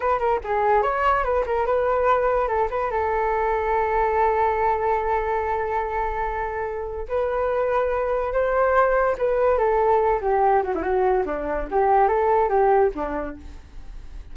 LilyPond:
\new Staff \with { instrumentName = "flute" } { \time 4/4 \tempo 4 = 144 b'8 ais'8 gis'4 cis''4 b'8 ais'8 | b'2 a'8 b'8 a'4~ | a'1~ | a'1~ |
a'4 b'2. | c''2 b'4 a'4~ | a'8 g'4 fis'16 e'16 fis'4 d'4 | g'4 a'4 g'4 d'4 | }